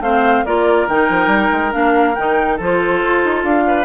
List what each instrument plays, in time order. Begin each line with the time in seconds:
0.00 bassoon A3, clarinet C4, oboe C5, flute F5
0.45 bassoon A#3, clarinet F4, oboe A#4, flute D5
0.88 bassoon D#3, clarinet D#4, flute G5
1.10 bassoon F3
1.27 bassoon G3
1.52 bassoon G#3
1.72 bassoon A#3, clarinet D4, flute F5
2.15 bassoon D#3, clarinet D#4, flute G5
2.57 bassoon F3, clarinet F4, oboe A4, flute C5
3.05 bassoon F4
3.25 bassoon D#4
3.44 bassoon D4, flute F5
3.67 oboe B4